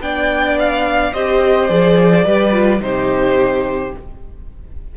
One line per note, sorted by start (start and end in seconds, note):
0.00 1.12 B3
0.00 1.14 D4
0.00 1.13 D5
0.00 0.58 G5
0.59 1.13 F5
1.13 1.69 C4
1.13 1.68 G4
1.13 2.25 C5
1.13 1.69 D#5
1.68 2.25 F3
1.68 2.25 G#4
1.68 2.81 D5
2.25 2.81 G3
2.25 2.52 G4
2.25 2.81 B4
2.52 2.80 F4
2.80 3.94 C3
2.80 3.92 D#4
2.80 3.97 G4
2.80 3.94 C5